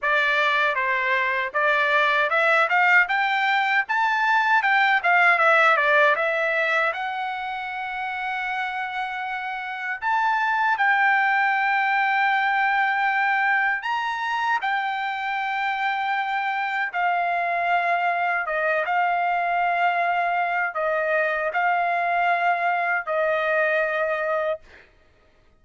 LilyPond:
\new Staff \with { instrumentName = "trumpet" } { \time 4/4 \tempo 4 = 78 d''4 c''4 d''4 e''8 f''8 | g''4 a''4 g''8 f''8 e''8 d''8 | e''4 fis''2.~ | fis''4 a''4 g''2~ |
g''2 ais''4 g''4~ | g''2 f''2 | dis''8 f''2~ f''8 dis''4 | f''2 dis''2 | }